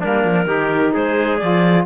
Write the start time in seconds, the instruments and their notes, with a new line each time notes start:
0.00 cello G3, saxophone A#3, trumpet D4, clarinet A#4
0.24 cello F3
0.45 cello D#3, saxophone D#4, trumpet G4
0.93 cello G#3, trumpet G#4, clarinet C5
1.37 cello F3, saxophone F4, clarinet D5